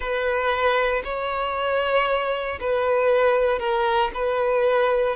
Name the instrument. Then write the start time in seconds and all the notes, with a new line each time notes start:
violin
0.00 B4
1.03 C#5
2.60 B4
3.59 A#4
4.14 B4